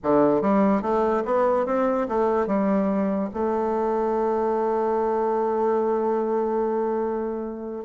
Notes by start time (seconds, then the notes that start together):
0.03 D3
0.41 G3
0.81 A3
1.25 B3
1.66 C4
2.08 A3
2.46 G3
3.33 A3